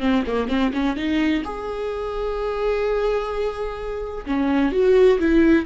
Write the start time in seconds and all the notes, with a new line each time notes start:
0.00 C4
0.27 A#3
0.48 C4
0.74 C#4
0.97 D#4
1.44 G#4
4.26 C#4
4.72 F#4
5.19 E4